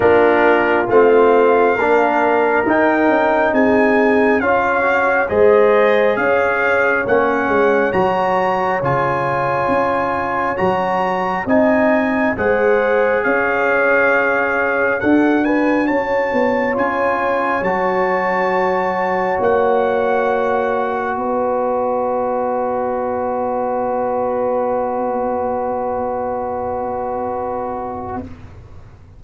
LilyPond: <<
  \new Staff \with { instrumentName = "trumpet" } { \time 4/4 \tempo 4 = 68 ais'4 f''2 g''4 | gis''4 f''4 dis''4 f''4 | fis''4 ais''4 gis''2 | ais''4 gis''4 fis''4 f''4~ |
f''4 fis''8 gis''8 a''4 gis''4 | a''2 fis''2 | dis''1~ | dis''1 | }
  \new Staff \with { instrumentName = "horn" } { \time 4/4 f'2 ais'2 | gis'4 cis''4 c''4 cis''4~ | cis''1~ | cis''4 dis''4 c''4 cis''4~ |
cis''4 a'8 b'8 cis''2~ | cis''1 | b'1~ | b'1 | }
  \new Staff \with { instrumentName = "trombone" } { \time 4/4 d'4 c'4 d'4 dis'4~ | dis'4 f'8 fis'8 gis'2 | cis'4 fis'4 f'2 | fis'4 dis'4 gis'2~ |
gis'4 fis'2 f'4 | fis'1~ | fis'1~ | fis'1 | }
  \new Staff \with { instrumentName = "tuba" } { \time 4/4 ais4 a4 ais4 dis'8 cis'8 | c'4 cis'4 gis4 cis'4 | ais8 gis8 fis4 cis4 cis'4 | fis4 c'4 gis4 cis'4~ |
cis'4 d'4 cis'8 b8 cis'4 | fis2 ais2 | b1~ | b1 | }
>>